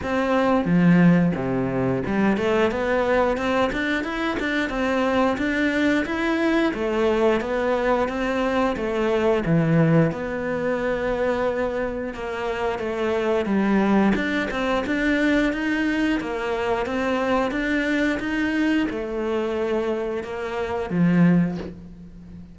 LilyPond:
\new Staff \with { instrumentName = "cello" } { \time 4/4 \tempo 4 = 89 c'4 f4 c4 g8 a8 | b4 c'8 d'8 e'8 d'8 c'4 | d'4 e'4 a4 b4 | c'4 a4 e4 b4~ |
b2 ais4 a4 | g4 d'8 c'8 d'4 dis'4 | ais4 c'4 d'4 dis'4 | a2 ais4 f4 | }